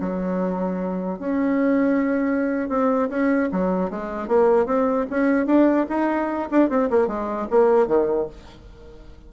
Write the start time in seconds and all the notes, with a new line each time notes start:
0.00 F#3
1.19 C#4
2.69 C4
3.09 C#4
3.52 F#3
3.90 G#3
4.28 A#3
4.66 C4
5.10 C#4
5.46 D4
5.89 D#4
6.51 D4
6.69 C4
6.90 A#3
7.07 G#3
7.50 A#3
7.87 D#3